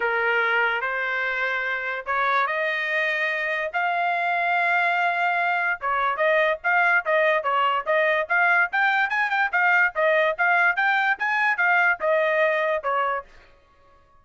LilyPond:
\new Staff \with { instrumentName = "trumpet" } { \time 4/4 \tempo 4 = 145 ais'2 c''2~ | c''4 cis''4 dis''2~ | dis''4 f''2.~ | f''2 cis''4 dis''4 |
f''4 dis''4 cis''4 dis''4 | f''4 g''4 gis''8 g''8 f''4 | dis''4 f''4 g''4 gis''4 | f''4 dis''2 cis''4 | }